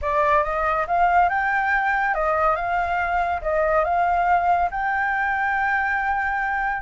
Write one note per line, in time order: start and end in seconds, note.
0.01 0.43 D5
0.43 0.86 D#5
0.87 1.29 F5
1.29 2.14 G5
2.14 2.55 D#5
2.55 3.40 F5
3.41 3.84 D#5
3.84 4.69 F5
4.70 6.82 G5